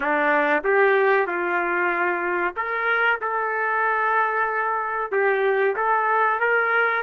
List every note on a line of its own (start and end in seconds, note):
0.00 0.62 D4
0.64 1.26 G4
1.26 2.54 F4
2.56 3.20 A#4
3.21 5.11 A4
5.11 5.75 G4
5.76 6.40 A4
6.40 7.02 A#4